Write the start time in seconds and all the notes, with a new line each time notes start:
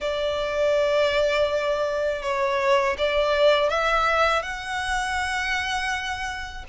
0.00 D5
2.22 C#5
2.98 D5
3.69 E5
4.42 F#5